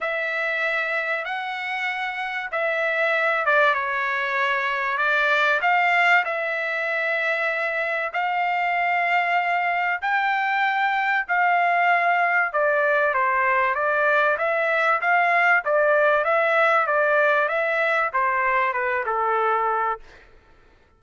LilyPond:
\new Staff \with { instrumentName = "trumpet" } { \time 4/4 \tempo 4 = 96 e''2 fis''2 | e''4. d''8 cis''2 | d''4 f''4 e''2~ | e''4 f''2. |
g''2 f''2 | d''4 c''4 d''4 e''4 | f''4 d''4 e''4 d''4 | e''4 c''4 b'8 a'4. | }